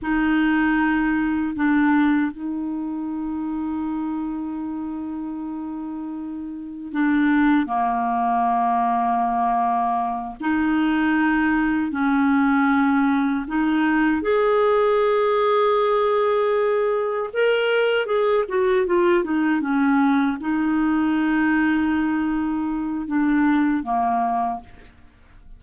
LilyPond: \new Staff \with { instrumentName = "clarinet" } { \time 4/4 \tempo 4 = 78 dis'2 d'4 dis'4~ | dis'1~ | dis'4 d'4 ais2~ | ais4. dis'2 cis'8~ |
cis'4. dis'4 gis'4.~ | gis'2~ gis'8 ais'4 gis'8 | fis'8 f'8 dis'8 cis'4 dis'4.~ | dis'2 d'4 ais4 | }